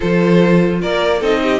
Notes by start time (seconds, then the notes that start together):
0.00 F3 F4 A4 C5
0.81 A#3 A#4 D5
1.19 C4 D#4 A4 D#5
1.42 G4